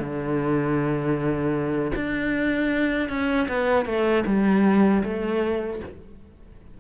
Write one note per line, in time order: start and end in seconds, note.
0.00 1.92 D3
1.96 3.09 D4
3.09 3.48 C#4
3.49 3.86 B3
3.86 4.24 A3
4.27 5.03 G3
5.04 5.81 A3